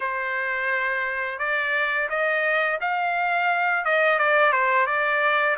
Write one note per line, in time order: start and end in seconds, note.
0.00 1.39 C5
1.39 2.08 D5
2.09 2.79 D#5
2.80 3.85 F5
3.85 4.19 D#5
4.19 4.52 D5
4.52 4.86 C5
4.86 5.56 D5